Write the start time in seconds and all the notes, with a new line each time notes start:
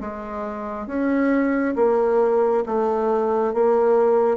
0.00 G#3
0.86 C#4
1.75 A#3
2.66 A3
3.53 A#3